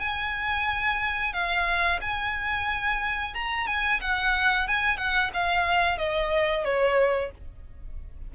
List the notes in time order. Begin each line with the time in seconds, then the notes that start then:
0.00 G#5
1.33 F5
2.01 G#5
3.35 A#5
3.67 G#5
4.01 F#5
4.68 G#5
4.98 F#5
5.34 F5
5.98 D#5
6.65 C#5